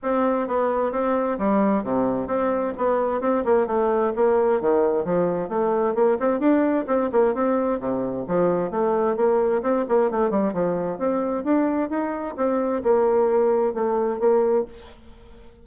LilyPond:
\new Staff \with { instrumentName = "bassoon" } { \time 4/4 \tempo 4 = 131 c'4 b4 c'4 g4 | c4 c'4 b4 c'8 ais8 | a4 ais4 dis4 f4 | a4 ais8 c'8 d'4 c'8 ais8 |
c'4 c4 f4 a4 | ais4 c'8 ais8 a8 g8 f4 | c'4 d'4 dis'4 c'4 | ais2 a4 ais4 | }